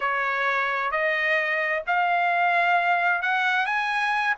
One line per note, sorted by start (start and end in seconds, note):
0.00 0.91 C#5
0.91 1.82 D#5
1.86 3.21 F5
3.21 3.66 F#5
3.66 4.34 G#5